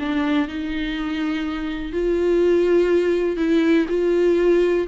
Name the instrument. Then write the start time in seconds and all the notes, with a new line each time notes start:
viola
0.00 D4
0.48 D#4
1.93 F4
3.37 E4
3.89 F4